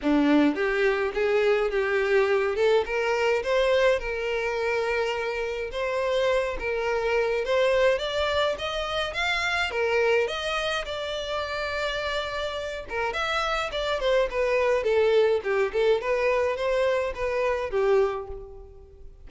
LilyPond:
\new Staff \with { instrumentName = "violin" } { \time 4/4 \tempo 4 = 105 d'4 g'4 gis'4 g'4~ | g'8 a'8 ais'4 c''4 ais'4~ | ais'2 c''4. ais'8~ | ais'4 c''4 d''4 dis''4 |
f''4 ais'4 dis''4 d''4~ | d''2~ d''8 ais'8 e''4 | d''8 c''8 b'4 a'4 g'8 a'8 | b'4 c''4 b'4 g'4 | }